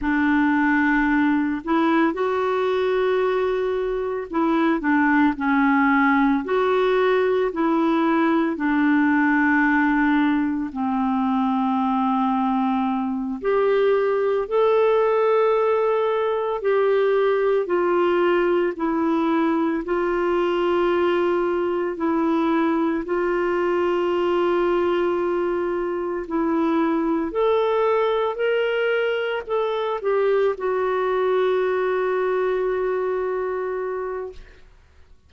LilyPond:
\new Staff \with { instrumentName = "clarinet" } { \time 4/4 \tempo 4 = 56 d'4. e'8 fis'2 | e'8 d'8 cis'4 fis'4 e'4 | d'2 c'2~ | c'8 g'4 a'2 g'8~ |
g'8 f'4 e'4 f'4.~ | f'8 e'4 f'2~ f'8~ | f'8 e'4 a'4 ais'4 a'8 | g'8 fis'2.~ fis'8 | }